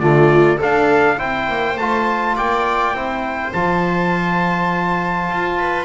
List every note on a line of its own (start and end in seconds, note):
0.00 0.59 D3
0.00 0.61 A3
0.00 0.58 F4
0.00 0.59 D5
0.58 1.18 D4
0.58 1.21 D4
0.58 1.17 A4
0.58 1.20 F5
1.18 1.49 C4
1.18 1.77 E4
1.18 2.36 C5
1.18 1.78 G5
1.49 1.78 A#3
1.78 2.37 A3
1.78 2.95 F4
1.78 2.37 A5
2.36 2.94 A#3
2.36 2.95 D5
2.36 3.53 G5
2.94 3.53 C4
2.94 3.54 E4
2.94 5.59 C5
3.53 5.31 F3
3.53 5.86 F4
3.53 5.86 A5
5.31 5.86 F4
5.59 5.86 B4